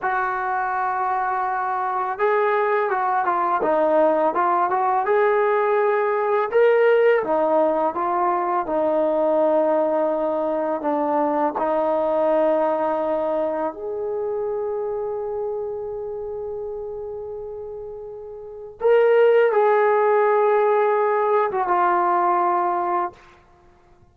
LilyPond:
\new Staff \with { instrumentName = "trombone" } { \time 4/4 \tempo 4 = 83 fis'2. gis'4 | fis'8 f'8 dis'4 f'8 fis'8 gis'4~ | gis'4 ais'4 dis'4 f'4 | dis'2. d'4 |
dis'2. gis'4~ | gis'1~ | gis'2 ais'4 gis'4~ | gis'4.~ gis'16 fis'16 f'2 | }